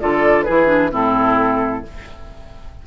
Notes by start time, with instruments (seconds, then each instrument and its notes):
0.00 bassoon D3, clarinet F4, oboe A4, flute D5
0.43 clarinet E4, oboe G#4, flute B4
0.49 bassoon E3
0.67 clarinet D4
0.91 bassoon A2, clarinet C4, oboe E4, flute A4